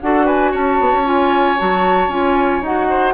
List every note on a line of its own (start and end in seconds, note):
0.00 0.53 D4
0.00 1.04 F#4
0.00 0.25 A4
0.00 0.26 F#5
0.25 0.51 B4
0.25 0.53 G#5
0.51 0.80 C#4
0.51 2.88 C#5
0.51 1.07 A5
0.80 0.92 B3
0.92 1.58 C#4
1.04 1.57 F4
1.04 1.58 G#5
1.57 2.08 F#3
1.57 2.10 F#4
1.57 2.10 A5
2.08 2.61 C#4
2.08 2.62 F4
2.08 2.63 G#5
2.62 3.14 D#4
2.62 3.14 F#4
2.62 3.14 F#5
2.89 3.14 C5